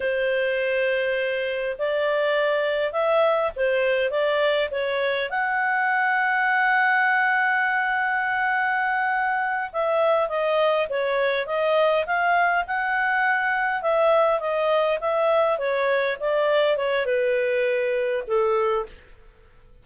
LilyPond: \new Staff \with { instrumentName = "clarinet" } { \time 4/4 \tempo 4 = 102 c''2. d''4~ | d''4 e''4 c''4 d''4 | cis''4 fis''2.~ | fis''1~ |
fis''8 e''4 dis''4 cis''4 dis''8~ | dis''8 f''4 fis''2 e''8~ | e''8 dis''4 e''4 cis''4 d''8~ | d''8 cis''8 b'2 a'4 | }